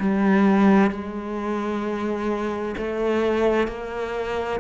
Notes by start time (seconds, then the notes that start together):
0.00 G3
0.91 G#3
2.77 A3
3.68 A#3